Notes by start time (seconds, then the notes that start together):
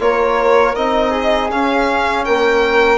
0.00 A#3 F4 A#4 C#5
0.76 C4 D#4 D#5
1.11 G#4
1.50 C#4 F5
2.25 A#3 A#4 G5